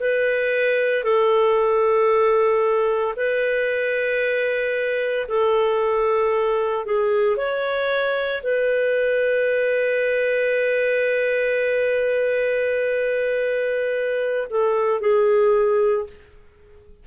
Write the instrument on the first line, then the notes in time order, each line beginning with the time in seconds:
clarinet
0.00 B4
1.03 A4
3.16 B4
5.28 A4
6.85 G#4
7.36 C#5
8.43 B4
14.50 A4
15.00 G#4